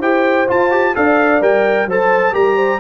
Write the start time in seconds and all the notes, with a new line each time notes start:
0.00 E4 G4 C5 G5
0.47 F4 A5
0.71 G4
0.95 D4 A4 D5 F5
1.41 G3 A#4 G5
1.86 F#3 A4 C5 A5
2.33 G3 G4 A#4 A#5
2.56 C5